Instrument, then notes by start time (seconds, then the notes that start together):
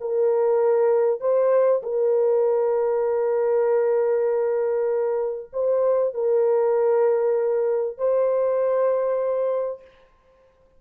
horn
0.00 A#4
1.20 C5
1.82 A#4
5.52 C5
6.14 A#4
7.97 C5